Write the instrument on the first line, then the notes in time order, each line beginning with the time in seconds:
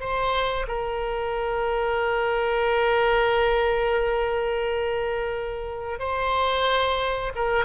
oboe
0.00 C5
0.68 A#4
5.99 C5
7.35 A#4